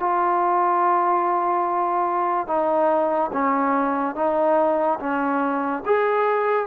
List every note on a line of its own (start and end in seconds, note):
0.00 2.48 F4
2.48 3.31 D#4
3.33 4.16 C#4
4.16 4.99 D#4
5.00 5.83 C#4
5.86 6.67 G#4